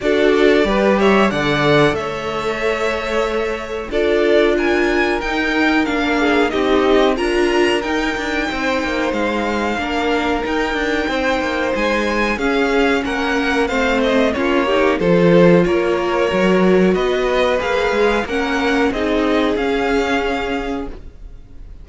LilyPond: <<
  \new Staff \with { instrumentName = "violin" } { \time 4/4 \tempo 4 = 92 d''4. e''8 fis''4 e''4~ | e''2 d''4 gis''4 | g''4 f''4 dis''4 ais''4 | g''2 f''2 |
g''2 gis''4 f''4 | fis''4 f''8 dis''8 cis''4 c''4 | cis''2 dis''4 f''4 | fis''4 dis''4 f''2 | }
  \new Staff \with { instrumentName = "violin" } { \time 4/4 a'4 b'8 cis''8 d''4 cis''4~ | cis''2 a'4 ais'4~ | ais'4. gis'8 g'4 ais'4~ | ais'4 c''2 ais'4~ |
ais'4 c''2 gis'4 | ais'4 c''4 f'8 g'8 a'4 | ais'2 b'2 | ais'4 gis'2. | }
  \new Staff \with { instrumentName = "viola" } { \time 4/4 fis'4 g'4 a'2~ | a'2 f'2 | dis'4 d'4 dis'4 f'4 | dis'2. d'4 |
dis'2. cis'4~ | cis'4 c'4 cis'8 dis'8 f'4~ | f'4 fis'2 gis'4 | cis'4 dis'4 cis'2 | }
  \new Staff \with { instrumentName = "cello" } { \time 4/4 d'4 g4 d4 a4~ | a2 d'2 | dis'4 ais4 c'4 d'4 | dis'8 d'8 c'8 ais8 gis4 ais4 |
dis'8 d'8 c'8 ais8 gis4 cis'4 | ais4 a4 ais4 f4 | ais4 fis4 b4 ais8 gis8 | ais4 c'4 cis'2 | }
>>